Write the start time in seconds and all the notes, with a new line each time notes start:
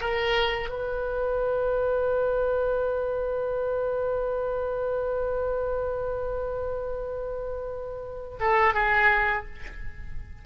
0.00 A#4
0.69 B4
8.40 A4
8.74 G#4